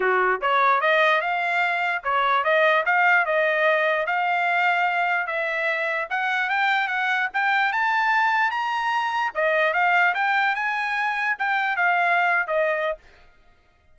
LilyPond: \new Staff \with { instrumentName = "trumpet" } { \time 4/4 \tempo 4 = 148 fis'4 cis''4 dis''4 f''4~ | f''4 cis''4 dis''4 f''4 | dis''2 f''2~ | f''4 e''2 fis''4 |
g''4 fis''4 g''4 a''4~ | a''4 ais''2 dis''4 | f''4 g''4 gis''2 | g''4 f''4.~ f''16 dis''4~ dis''16 | }